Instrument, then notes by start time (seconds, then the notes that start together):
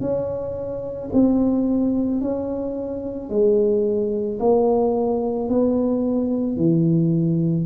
tuba
0.00 C#4
1.13 C4
2.21 C#4
3.29 G#3
4.39 A#3
5.48 B3
6.57 E3